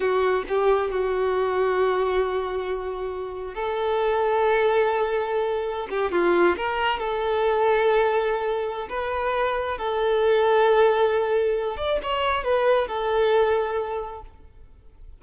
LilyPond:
\new Staff \with { instrumentName = "violin" } { \time 4/4 \tempo 4 = 135 fis'4 g'4 fis'2~ | fis'1 | a'1~ | a'4~ a'16 g'8 f'4 ais'4 a'16~ |
a'1 | b'2 a'2~ | a'2~ a'8 d''8 cis''4 | b'4 a'2. | }